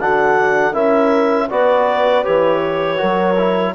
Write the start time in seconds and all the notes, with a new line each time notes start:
0.00 D3 D4 F#4 F#5
0.73 C#4 E4 A#4 E5
1.49 B3 F#4 B4 D5
2.24 E3 G4 C#5
2.97 F#3 F#4 A#4
3.38 E4